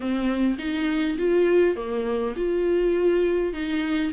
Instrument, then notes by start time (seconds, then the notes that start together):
viola
0.00 C4
0.58 D#4
1.18 F4
1.76 A#3
2.36 F4
3.53 D#4